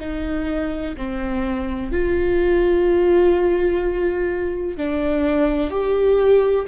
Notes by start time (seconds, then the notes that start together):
0.00 D#4
0.97 C4
1.92 F4
4.77 D4
5.71 G4